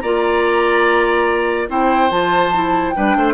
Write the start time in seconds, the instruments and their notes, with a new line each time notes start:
0.00 bassoon A#3, clarinet F4, oboe D5, flute A#5
1.68 bassoon C4, clarinet E4, oboe C5, flute G5
2.10 bassoon F3, clarinet F4, flute A5
2.53 clarinet E4
2.89 clarinet D4, flute G5
2.96 bassoon G3, oboe B4
3.16 bassoon A3, oboe C5